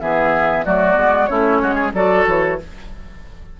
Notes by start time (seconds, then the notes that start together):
0.00 E3 B3 G#4 E5
0.65 F#3 A3 F#4 D5
0.94 G#3 B3
1.26 A3 C#4 E4 C#5
1.62 G#3 F#4
1.74 G#4
1.93 F#3 F#4 A4 D5
2.26 E3 C#5